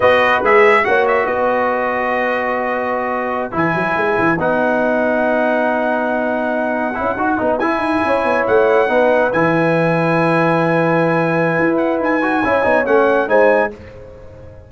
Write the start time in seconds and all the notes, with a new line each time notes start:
0.00 B3 F#4 B4 D#5
0.42 G#3 G#4 E5
0.83 A#3 F#4 C#5 F#5
1.07 E5
1.25 B3 B4 D#5
3.51 E3 E4 G#5
3.74 F#3
3.96 G#3
4.18 E3
4.38 B3 D#4 F#5
6.94 C#4 E4
7.16 D#4 F#4
7.38 B3 D#4
7.58 E4 G#5
7.78 D#4
8.04 C#4 C#5
8.24 B3
8.46 A3 F#5
8.88 B3 D#4 B4
9.32 E3 E4 G#5
11.58 E4
11.77 F#5
11.99 D#4 G#5
12.21 F#4
12.43 C#4 E4 C#5
12.62 B3 D#4
12.85 A3 C#4 F#5
13.27 G#3 D#4 C5 G#5